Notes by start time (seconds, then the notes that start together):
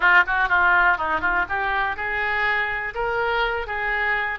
0.00 F4
0.27 F#4
0.48 F4
0.97 D#4
1.20 F4
1.48 G4
1.96 G#4
2.94 A#4
3.66 G#4